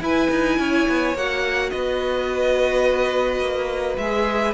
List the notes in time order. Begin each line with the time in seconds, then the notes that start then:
0.00 E4 B4 G#5
0.30 D#4
0.59 C#4 C#5
0.88 B3
1.14 A#3 F#4 F#5
1.70 B3 B4 D#5
3.40 A#3
3.97 G#3 G#4 E5